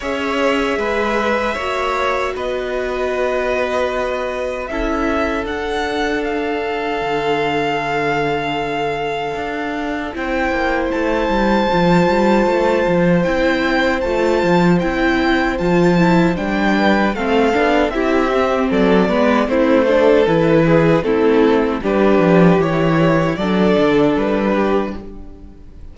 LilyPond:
<<
  \new Staff \with { instrumentName = "violin" } { \time 4/4 \tempo 4 = 77 e''2. dis''4~ | dis''2 e''4 fis''4 | f''1~ | f''4 g''4 a''2~ |
a''4 g''4 a''4 g''4 | a''4 g''4 f''4 e''4 | d''4 c''4 b'4 a'4 | b'4 cis''4 d''4 b'4 | }
  \new Staff \with { instrumentName = "violin" } { \time 4/4 cis''4 b'4 cis''4 b'4~ | b'2 a'2~ | a'1~ | a'4 c''2.~ |
c''1~ | c''4. b'8 a'4 g'4 | a'8 b'8 e'8 a'4 gis'8 e'4 | g'2 a'4. g'8 | }
  \new Staff \with { instrumentName = "viola" } { \time 4/4 gis'2 fis'2~ | fis'2 e'4 d'4~ | d'1~ | d'4 e'2 f'4~ |
f'4 e'4 f'4 e'4 | f'8 e'8 d'4 c'8 d'8 e'8 c'8~ | c'8 b8 c'8 d'8 e'4 c'4 | d'4 e'4 d'2 | }
  \new Staff \with { instrumentName = "cello" } { \time 4/4 cis'4 gis4 ais4 b4~ | b2 cis'4 d'4~ | d'4 d2. | d'4 c'8 ais8 a8 g8 f8 g8 |
a8 f8 c'4 a8 f8 c'4 | f4 g4 a8 b8 c'4 | fis8 gis8 a4 e4 a4 | g8 f8 e4 fis8 d8 g4 | }
>>